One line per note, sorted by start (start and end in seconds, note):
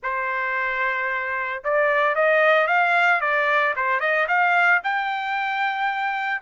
0.02 1.63 C5
1.63 2.15 D5
2.15 2.67 D#5
2.67 3.20 F5
3.20 3.74 D5
3.75 4.00 C5
4.00 4.27 D#5
4.28 4.81 F5
4.83 6.41 G5